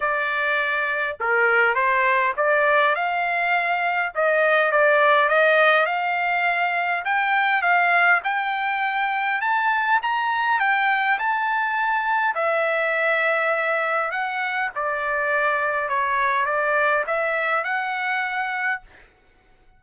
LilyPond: \new Staff \with { instrumentName = "trumpet" } { \time 4/4 \tempo 4 = 102 d''2 ais'4 c''4 | d''4 f''2 dis''4 | d''4 dis''4 f''2 | g''4 f''4 g''2 |
a''4 ais''4 g''4 a''4~ | a''4 e''2. | fis''4 d''2 cis''4 | d''4 e''4 fis''2 | }